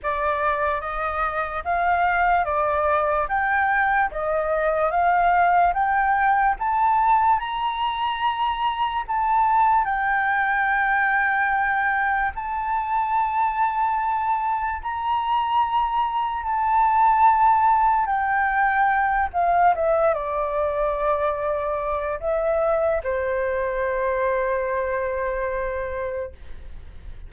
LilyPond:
\new Staff \with { instrumentName = "flute" } { \time 4/4 \tempo 4 = 73 d''4 dis''4 f''4 d''4 | g''4 dis''4 f''4 g''4 | a''4 ais''2 a''4 | g''2. a''4~ |
a''2 ais''2 | a''2 g''4. f''8 | e''8 d''2~ d''8 e''4 | c''1 | }